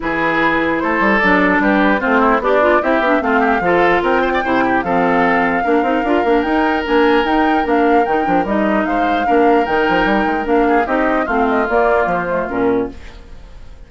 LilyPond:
<<
  \new Staff \with { instrumentName = "flute" } { \time 4/4 \tempo 4 = 149 b'2 c''4 d''4 | b'4 c''4 d''4 e''4 | f''2 g''2 | f''1 |
g''4 gis''4 g''4 f''4 | g''4 dis''4 f''2 | g''2 f''4 dis''4 | f''8 dis''8 d''4 c''4 ais'4 | }
  \new Staff \with { instrumentName = "oboe" } { \time 4/4 gis'2 a'2 | g'4 f'8 e'8 d'4 g'4 | f'8 g'8 a'4 ais'8 c''16 d''16 c''8 g'8 | a'2 ais'2~ |
ais'1~ | ais'2 c''4 ais'4~ | ais'2~ ais'8 gis'8 g'4 | f'1 | }
  \new Staff \with { instrumentName = "clarinet" } { \time 4/4 e'2. d'4~ | d'4 c'4 g'8 f'8 e'8 d'8 | c'4 f'2 e'4 | c'2 d'8 dis'8 f'8 d'8 |
dis'4 d'4 dis'4 d'4 | dis'8 d'8 dis'2 d'4 | dis'2 d'4 dis'4 | c'4 ais4. a8 cis'4 | }
  \new Staff \with { instrumentName = "bassoon" } { \time 4/4 e2 a8 g8 fis4 | g4 a4 b4 c'8 b8 | a4 f4 c'4 c4 | f2 ais8 c'8 d'8 ais8 |
dis'4 ais4 dis'4 ais4 | dis8 f8 g4 gis4 ais4 | dis8 f8 g8 gis8 ais4 c'4 | a4 ais4 f4 ais,4 | }
>>